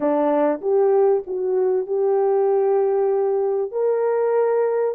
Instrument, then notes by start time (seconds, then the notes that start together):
horn
0.00 D4
0.61 G4
1.27 F#4
1.86 G4
3.71 A#4